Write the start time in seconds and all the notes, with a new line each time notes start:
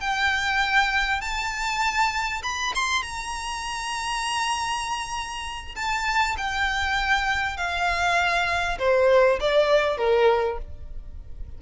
0.00 G5
1.21 A5
2.43 B5
2.75 C6
3.02 A#5
5.75 A5
6.37 G5
7.57 F5
8.79 C5
9.40 D5
9.97 A#4